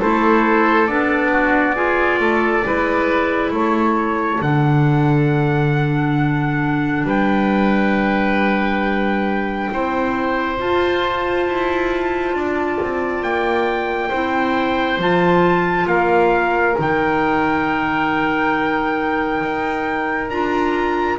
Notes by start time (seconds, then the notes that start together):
0.00 A3 E4 A4 C5
0.87 B3 D4 D5
1.32 F#4
1.75 F4 G#4
2.20 A3 A4
2.64 G#3 E4 B4
3.51 A3 A4 C#5
4.41 D3 D4 F#5
7.04 G3 B4 G5
9.71 C4 E4 C5
10.58 F4 A5
11.47 E4
12.34 D4 D5
12.82 C4
13.23 A#3 G5
14.09 C4 E4 C5
14.98 F3 F4 A5
15.86 A#3 A#4 F5
16.75 D#3 D#4
16.81 G5
19.42 D#4
20.30 D4 F4 A#5